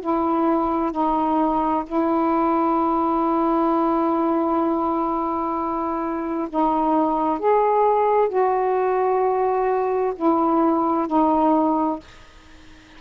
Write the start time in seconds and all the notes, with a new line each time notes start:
0.00 E4
0.91 D#4
1.86 E4
6.49 D#4
7.39 G#4
8.29 F#4
10.15 E4
11.07 D#4